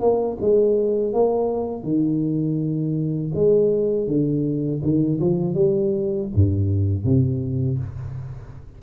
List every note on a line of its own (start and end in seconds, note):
0.00 0.37 A#3
0.40 1.13 G#3
1.13 1.83 A#3
1.83 3.31 D#3
3.34 4.07 G#3
4.07 4.81 D3
4.82 5.19 D#3
5.20 5.54 F3
5.54 6.28 G3
6.34 7.04 G2
7.04 7.78 C3